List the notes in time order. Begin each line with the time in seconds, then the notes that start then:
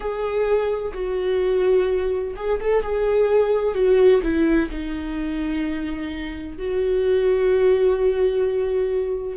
0.00 G#4
0.93 F#4
2.36 G#4
2.60 A4
2.82 G#4
3.74 F#4
4.22 E4
4.70 D#4
6.58 F#4